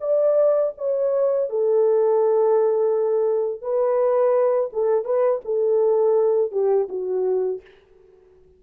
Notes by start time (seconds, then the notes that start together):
0.00 D5
0.77 C#5
1.50 A4
3.61 B4
4.73 A4
5.04 B4
5.44 A4
6.51 G4
6.88 F#4